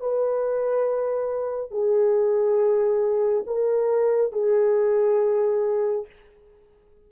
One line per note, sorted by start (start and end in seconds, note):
0.00 1.71 B4
1.71 3.45 G#4
3.47 4.32 A#4
4.32 6.06 G#4